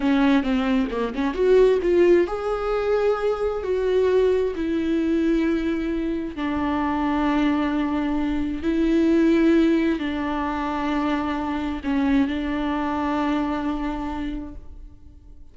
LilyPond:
\new Staff \with { instrumentName = "viola" } { \time 4/4 \tempo 4 = 132 cis'4 c'4 ais8 cis'8 fis'4 | f'4 gis'2. | fis'2 e'2~ | e'2 d'2~ |
d'2. e'4~ | e'2 d'2~ | d'2 cis'4 d'4~ | d'1 | }